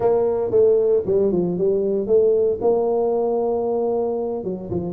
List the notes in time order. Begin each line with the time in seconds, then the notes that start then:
0.00 A#3
0.50 A3
1.06 G3
1.32 F3
1.57 G3
2.06 A3
2.61 A#3
4.43 F#3
4.70 F3